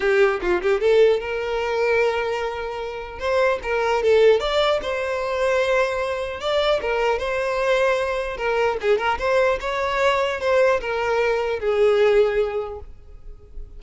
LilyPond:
\new Staff \with { instrumentName = "violin" } { \time 4/4 \tempo 4 = 150 g'4 f'8 g'8 a'4 ais'4~ | ais'1 | c''4 ais'4 a'4 d''4 | c''1 |
d''4 ais'4 c''2~ | c''4 ais'4 gis'8 ais'8 c''4 | cis''2 c''4 ais'4~ | ais'4 gis'2. | }